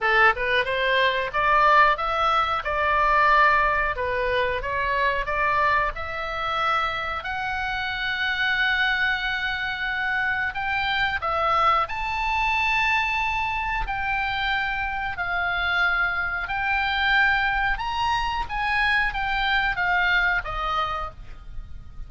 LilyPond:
\new Staff \with { instrumentName = "oboe" } { \time 4/4 \tempo 4 = 91 a'8 b'8 c''4 d''4 e''4 | d''2 b'4 cis''4 | d''4 e''2 fis''4~ | fis''1 |
g''4 e''4 a''2~ | a''4 g''2 f''4~ | f''4 g''2 ais''4 | gis''4 g''4 f''4 dis''4 | }